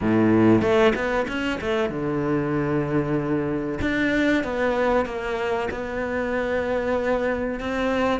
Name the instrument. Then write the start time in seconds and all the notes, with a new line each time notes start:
cello
0.01 A2
0.61 A3
0.95 B3
1.28 C#4
1.60 A3
1.89 D3
3.81 D4
4.43 B3
5.05 A#3
5.70 B3
7.60 C4